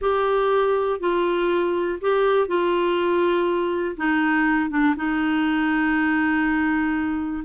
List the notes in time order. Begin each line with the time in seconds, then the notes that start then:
0.01 G4
1.00 F4
2.01 G4
2.47 F4
3.96 D#4
4.69 D4
4.96 D#4